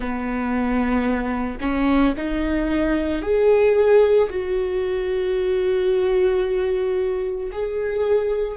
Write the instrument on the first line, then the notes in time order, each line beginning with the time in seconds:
viola
0.00 B3
1.60 C#4
2.17 D#4
3.21 G#4
4.29 F#4
7.51 G#4